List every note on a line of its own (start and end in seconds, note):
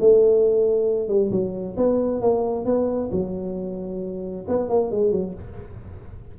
0.00 1.08 A3
1.08 1.31 G3
1.31 1.76 F#3
1.77 2.21 B3
2.21 2.65 A#3
2.65 3.10 B3
3.11 4.46 F#3
4.48 4.69 B3
4.69 4.91 A#3
4.91 5.12 G#3
5.12 5.34 F#3